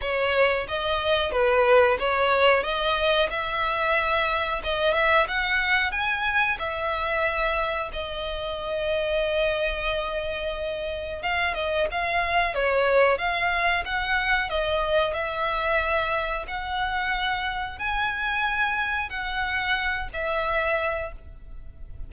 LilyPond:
\new Staff \with { instrumentName = "violin" } { \time 4/4 \tempo 4 = 91 cis''4 dis''4 b'4 cis''4 | dis''4 e''2 dis''8 e''8 | fis''4 gis''4 e''2 | dis''1~ |
dis''4 f''8 dis''8 f''4 cis''4 | f''4 fis''4 dis''4 e''4~ | e''4 fis''2 gis''4~ | gis''4 fis''4. e''4. | }